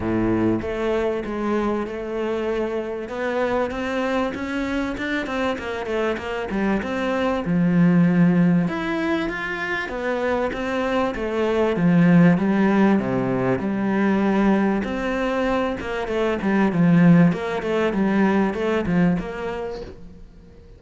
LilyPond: \new Staff \with { instrumentName = "cello" } { \time 4/4 \tempo 4 = 97 a,4 a4 gis4 a4~ | a4 b4 c'4 cis'4 | d'8 c'8 ais8 a8 ais8 g8 c'4 | f2 e'4 f'4 |
b4 c'4 a4 f4 | g4 c4 g2 | c'4. ais8 a8 g8 f4 | ais8 a8 g4 a8 f8 ais4 | }